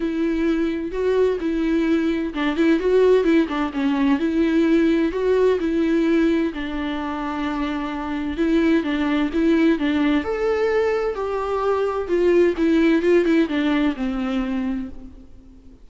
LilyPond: \new Staff \with { instrumentName = "viola" } { \time 4/4 \tempo 4 = 129 e'2 fis'4 e'4~ | e'4 d'8 e'8 fis'4 e'8 d'8 | cis'4 e'2 fis'4 | e'2 d'2~ |
d'2 e'4 d'4 | e'4 d'4 a'2 | g'2 f'4 e'4 | f'8 e'8 d'4 c'2 | }